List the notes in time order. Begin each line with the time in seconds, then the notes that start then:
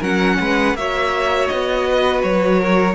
0.00 F#3 C#4 A#4 F#5
0.40 G#3 B4
0.75 A#3 F#4 C#5 E5
1.48 B3 D#5
1.89 B4
2.23 F#3 C#5
2.60 A#4